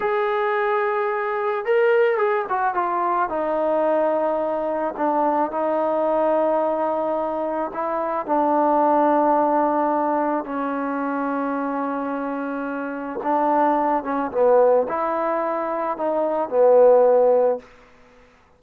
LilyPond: \new Staff \with { instrumentName = "trombone" } { \time 4/4 \tempo 4 = 109 gis'2. ais'4 | gis'8 fis'8 f'4 dis'2~ | dis'4 d'4 dis'2~ | dis'2 e'4 d'4~ |
d'2. cis'4~ | cis'1 | d'4. cis'8 b4 e'4~ | e'4 dis'4 b2 | }